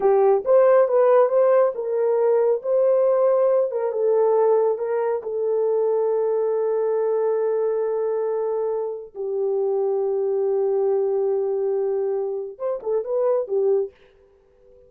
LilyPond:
\new Staff \with { instrumentName = "horn" } { \time 4/4 \tempo 4 = 138 g'4 c''4 b'4 c''4 | ais'2 c''2~ | c''8 ais'8 a'2 ais'4 | a'1~ |
a'1~ | a'4 g'2.~ | g'1~ | g'4 c''8 a'8 b'4 g'4 | }